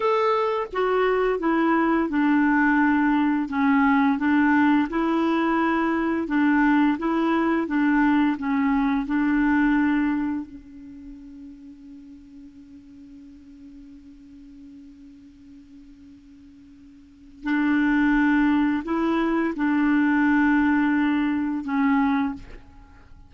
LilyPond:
\new Staff \with { instrumentName = "clarinet" } { \time 4/4 \tempo 4 = 86 a'4 fis'4 e'4 d'4~ | d'4 cis'4 d'4 e'4~ | e'4 d'4 e'4 d'4 | cis'4 d'2 cis'4~ |
cis'1~ | cis'1~ | cis'4 d'2 e'4 | d'2. cis'4 | }